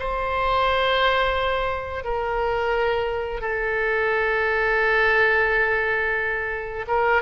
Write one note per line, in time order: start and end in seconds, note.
0.00 2.05 C5
2.05 3.41 A#4
3.41 6.86 A4
6.88 7.22 A#4